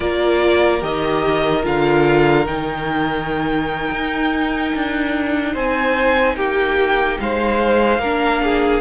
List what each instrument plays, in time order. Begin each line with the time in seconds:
0.00 cello A#3, viola F4, violin A#4 D5
0.80 cello D#3, viola G4, violin D#5
1.63 cello D3, viola F4, violin F5
2.46 cello D#3, viola D#4, violin G5
3.91 cello D#4
4.74 cello D4
5.53 cello C4, violin C5 G#5
6.36 cello A#3, violin G4 G5
7.20 cello G#3, violin C5 F5
7.98 cello A#3, viola D4, violin A#4
8.42 violin G#4